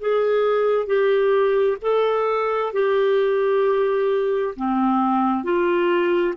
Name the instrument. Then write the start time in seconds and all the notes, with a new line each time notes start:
clarinet
0.00 G#4
0.86 G4
1.82 A4
2.73 G4
4.56 C4
5.44 F4